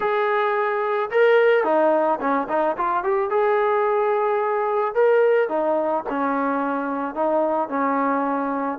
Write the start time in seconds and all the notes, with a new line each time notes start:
0.00 G#4
1.10 A#4
1.64 D#4
2.20 C#4
2.48 D#4
2.77 F4
3.03 G4
3.30 G#4
4.94 A#4
5.48 D#4
6.09 C#4
7.14 D#4
7.68 C#4